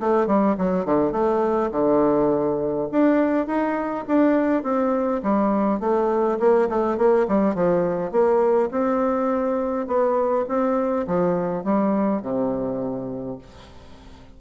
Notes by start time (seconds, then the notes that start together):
0.00 A3
0.27 G3
0.58 F#3
0.85 D3
1.12 A3
1.71 D3
2.92 D4
3.47 D#4
4.08 D4
4.63 C4
5.23 G3
5.80 A3
6.40 A#3
6.69 A3
6.97 A#3
7.28 G3
7.55 F3
8.12 A#3
8.71 C4
9.87 B3
10.48 C4
11.07 F3
11.64 G3
12.22 C3